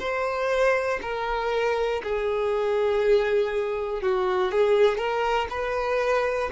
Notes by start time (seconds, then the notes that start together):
0.00 C5
1.02 A#4
2.03 G#4
4.02 F#4
4.51 G#4
4.98 A#4
5.50 B4